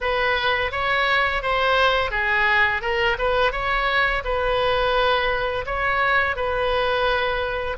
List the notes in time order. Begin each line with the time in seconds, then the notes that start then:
0.01 B4
0.71 C#5
1.42 C5
2.10 G#4
2.81 A#4
3.18 B4
3.52 C#5
4.24 B4
5.66 C#5
6.36 B4